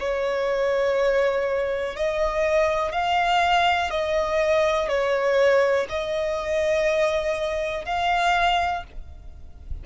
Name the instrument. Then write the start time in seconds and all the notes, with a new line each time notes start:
violin
0.00 C#5
1.96 D#5
2.92 F5
3.91 D#5
4.89 C#5
5.90 D#5
7.86 F5